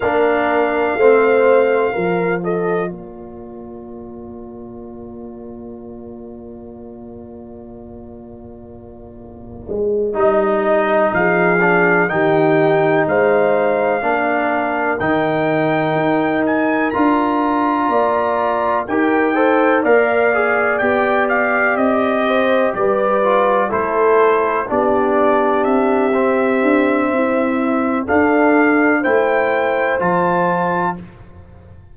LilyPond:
<<
  \new Staff \with { instrumentName = "trumpet" } { \time 4/4 \tempo 4 = 62 f''2~ f''8 dis''8 d''4~ | d''1~ | d''2~ d''8 dis''4 f''8~ | f''8 g''4 f''2 g''8~ |
g''4 gis''8 ais''2 g''8~ | g''8 f''4 g''8 f''8 dis''4 d''8~ | d''8 c''4 d''4 e''4.~ | e''4 f''4 g''4 a''4 | }
  \new Staff \with { instrumentName = "horn" } { \time 4/4 ais'4 c''4 ais'8 a'8 ais'4~ | ais'1~ | ais'2.~ ais'8 gis'8~ | gis'8 g'4 c''4 ais'4.~ |
ais'2~ ais'8 d''4 ais'8 | c''8 d''2~ d''8 c''8 b'8~ | b'8 a'4 g'2~ g'8 | e'4 a'4 c''2 | }
  \new Staff \with { instrumentName = "trombone" } { \time 4/4 d'4 c'4 f'2~ | f'1~ | f'2~ f'8 dis'4. | d'8 dis'2 d'4 dis'8~ |
dis'4. f'2 g'8 | a'8 ais'8 gis'8 g'2~ g'8 | f'8 e'4 d'4. c'4~ | c'4 d'4 e'4 f'4 | }
  \new Staff \with { instrumentName = "tuba" } { \time 4/4 ais4 a4 f4 ais4~ | ais1~ | ais2 gis8 g4 f8~ | f8 dis4 gis4 ais4 dis8~ |
dis8 dis'4 d'4 ais4 dis'8~ | dis'8 ais4 b4 c'4 g8~ | g8 a4 b4 c'4 d'8 | c'4 d'4 a4 f4 | }
>>